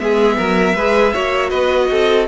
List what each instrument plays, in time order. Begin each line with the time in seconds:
0.00 cello G#3, viola B3, violin G#4 E5
0.38 cello F#3, violin A#4
0.75 cello G#3, viola G#4, violin B4
1.14 cello A#3, viola F#4, violin C#5
1.50 cello B3, violin B4 D#5
1.91 cello C4, violin A4